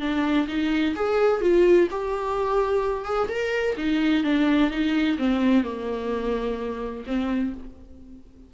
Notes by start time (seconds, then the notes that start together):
0.00 D4
0.48 D#4
0.95 G#4
1.41 F4
1.90 G4
3.05 G#4
3.29 A#4
3.77 D#4
4.24 D4
4.70 D#4
5.18 C4
5.64 A#3
7.06 C4